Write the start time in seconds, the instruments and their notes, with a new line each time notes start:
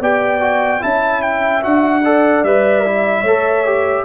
0.00 tuba B3, trombone G4, horn D5, trumpet G5
0.40 trombone F#4
0.80 tuba C#4, trombone E4, horn E5, trumpet A5
1.22 trumpet G5
1.62 tuba D4, trombone F#4, trumpet F#5
2.04 trombone A4, horn D5
2.43 tuba G3, trombone B4, trumpet E5
2.85 trombone E4
3.21 tuba A3, horn C#5
3.27 trombone A4
3.65 trombone G4